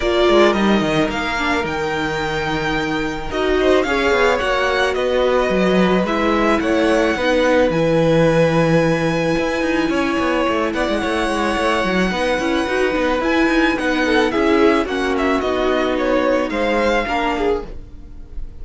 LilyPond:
<<
  \new Staff \with { instrumentName = "violin" } { \time 4/4 \tempo 4 = 109 d''4 dis''4 f''4 g''4~ | g''2 dis''4 f''4 | fis''4 dis''2 e''4 | fis''2 gis''2~ |
gis''2.~ gis''8 fis''8~ | fis''1 | gis''4 fis''4 e''4 fis''8 e''8 | dis''4 cis''4 f''2 | }
  \new Staff \with { instrumentName = "violin" } { \time 4/4 ais'1~ | ais'2~ ais'8 c''8 cis''4~ | cis''4 b'2. | cis''4 b'2.~ |
b'2 cis''4. d''8 | cis''2 b'2~ | b'4. a'8 gis'4 fis'4~ | fis'2 c''4 ais'8 gis'8 | }
  \new Staff \with { instrumentName = "viola" } { \time 4/4 f'4 dis'4. d'8 dis'4~ | dis'2 fis'4 gis'4 | fis'2. e'4~ | e'4 dis'4 e'2~ |
e'1~ | e'2 dis'8 e'8 fis'8 dis'8 | e'4 dis'4 e'4 cis'4 | dis'2. d'4 | }
  \new Staff \with { instrumentName = "cello" } { \time 4/4 ais8 gis8 g8 dis8 ais4 dis4~ | dis2 dis'4 cis'8 b8 | ais4 b4 fis4 gis4 | a4 b4 e2~ |
e4 e'8 dis'8 cis'8 b8 a8 b16 gis16 | a8 gis8 a8 fis8 b8 cis'8 dis'8 b8 | e'8 dis'8 b4 cis'4 ais4 | b2 gis4 ais4 | }
>>